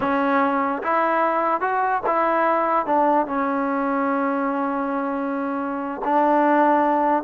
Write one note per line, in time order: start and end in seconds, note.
0.00 0.82 C#4
0.83 1.60 E4
1.60 2.01 F#4
2.06 2.86 E4
2.86 3.26 D4
3.26 6.01 C#4
6.04 7.23 D4